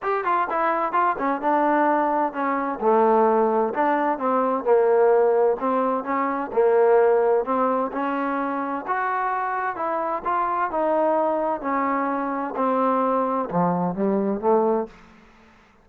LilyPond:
\new Staff \with { instrumentName = "trombone" } { \time 4/4 \tempo 4 = 129 g'8 f'8 e'4 f'8 cis'8 d'4~ | d'4 cis'4 a2 | d'4 c'4 ais2 | c'4 cis'4 ais2 |
c'4 cis'2 fis'4~ | fis'4 e'4 f'4 dis'4~ | dis'4 cis'2 c'4~ | c'4 f4 g4 a4 | }